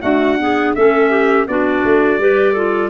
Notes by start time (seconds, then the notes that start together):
0.00 A3 D4 F#4 F#5
0.39 B3 G#4
0.75 A3 C#4 A4 E5
1.09 G4
1.47 B3 D4 F#4 D5
1.84 A3
2.18 G3 G4 B4
2.52 F4 A4